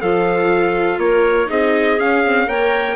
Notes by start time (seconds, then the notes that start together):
0.00 F3 F4 A4 F5
0.98 A#3 A#4 C#5
1.46 C4 D#4 G#4 D#5
1.99 C#4 F5
2.25 C4
2.47 A#3 A#4 C#5 G5